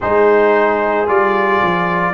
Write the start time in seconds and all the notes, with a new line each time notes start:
0.00 G#3 D#4 G#4 C5
1.06 G3 F4 D5
1.62 F3